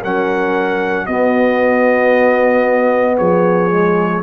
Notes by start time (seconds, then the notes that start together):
0.00 F#3 C#4 A#4 F#5
1.06 B3 F#4 D#5
3.17 F3 G#4 C#5
3.70 G#3